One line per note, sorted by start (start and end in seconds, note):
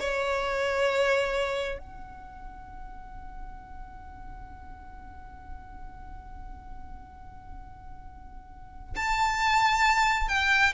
0.00 1.79 C#5
1.79 8.96 F#5
8.97 10.29 A5
10.29 10.74 G5